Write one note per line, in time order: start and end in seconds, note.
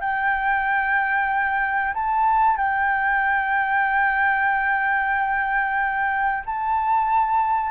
0.00 1.94 G5
1.94 2.57 A5
2.57 6.44 G5
6.45 7.71 A5